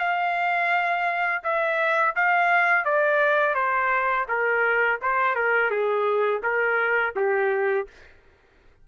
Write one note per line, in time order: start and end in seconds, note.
0.00 1.43 F5
1.44 2.15 E5
2.16 2.85 F5
2.85 3.55 D5
3.55 4.26 C5
4.29 5.00 A#4
5.02 5.35 C5
5.35 5.70 A#4
5.70 6.42 G#4
6.43 7.14 A#4
7.16 7.88 G4